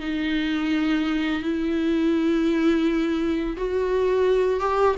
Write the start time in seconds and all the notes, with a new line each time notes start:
0.00 D#4
1.42 E4
3.56 F#4
4.60 G4